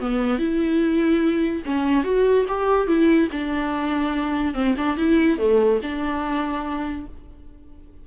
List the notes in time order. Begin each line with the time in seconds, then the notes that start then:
0.00 B3
0.39 E4
1.65 C#4
2.04 F#4
2.48 G4
2.87 E4
3.32 D4
4.54 C4
4.77 D4
4.97 E4
5.38 A3
5.83 D4